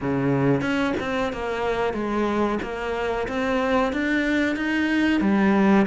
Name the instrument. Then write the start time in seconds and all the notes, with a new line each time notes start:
cello
0.00 C#3
0.61 C#4
1.00 C4
1.32 A#3
1.93 G#3
2.62 A#3
3.28 C4
3.92 D4
4.55 D#4
5.20 G3